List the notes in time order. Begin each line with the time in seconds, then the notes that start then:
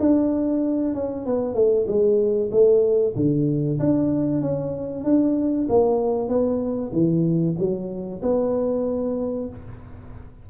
0.00 D4
0.94 C#4
1.26 B3
1.55 A3
1.87 G#3
2.52 A3
3.16 D3
3.79 D4
4.42 C#4
5.04 D4
5.69 A#3
6.28 B3
6.93 E3
7.58 F#3
8.22 B3